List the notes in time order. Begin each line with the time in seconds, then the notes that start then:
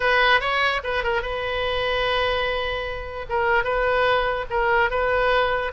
0.00 B4
0.40 C#5
0.83 B4
1.03 A#4
1.22 B4
3.29 A#4
3.64 B4
4.50 A#4
4.90 B4